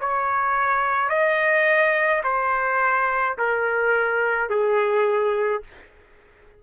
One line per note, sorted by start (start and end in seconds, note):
0.00 1.09 C#5
1.09 2.22 D#5
2.23 3.37 C5
3.38 4.50 A#4
4.50 5.63 G#4